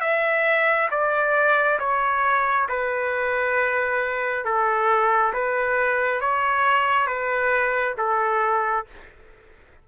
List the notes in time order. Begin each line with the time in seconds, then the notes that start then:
0.00 E5
0.90 D5
1.79 C#5
2.68 B4
4.44 A4
5.33 B4
6.20 C#5
7.06 B4
7.97 A4